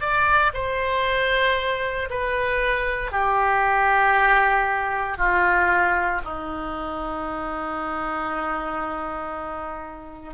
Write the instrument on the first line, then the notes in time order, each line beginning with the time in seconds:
oboe
0.00 D5
0.54 C5
2.10 B4
3.12 G4
5.17 F4
6.24 D#4